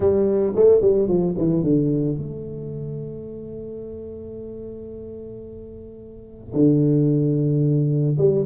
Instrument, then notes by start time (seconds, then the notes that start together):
tuba
0.00 G3
0.55 A3
0.81 G3
1.08 F3
1.38 E3
1.63 D3
2.17 A3
6.53 D3
8.17 G3